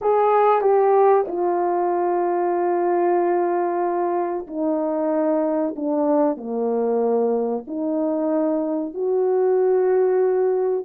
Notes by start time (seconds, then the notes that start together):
0.01 G#4
0.61 G4
1.27 F4
4.47 D#4
5.76 D4
6.37 A#3
7.67 D#4
8.94 F#4